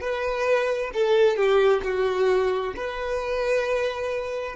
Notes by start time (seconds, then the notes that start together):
0.00 B4
0.93 A4
1.36 G4
1.83 F#4
2.76 B4